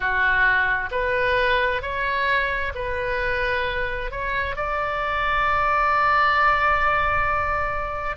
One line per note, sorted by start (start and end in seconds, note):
0.00 0.89 F#4
0.91 1.82 B4
1.82 2.73 C#5
2.74 4.11 B4
4.11 4.55 C#5
4.55 8.16 D5